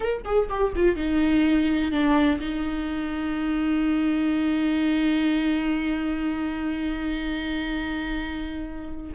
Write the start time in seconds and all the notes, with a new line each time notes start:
0.00 A#4
0.24 G#4
0.49 G4
0.75 F4
0.96 D#4
1.91 D4
2.40 D#4